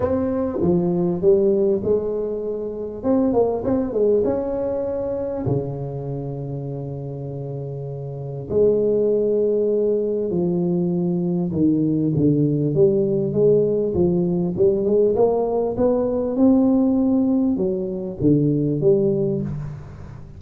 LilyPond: \new Staff \with { instrumentName = "tuba" } { \time 4/4 \tempo 4 = 99 c'4 f4 g4 gis4~ | gis4 c'8 ais8 c'8 gis8 cis'4~ | cis'4 cis2.~ | cis2 gis2~ |
gis4 f2 dis4 | d4 g4 gis4 f4 | g8 gis8 ais4 b4 c'4~ | c'4 fis4 d4 g4 | }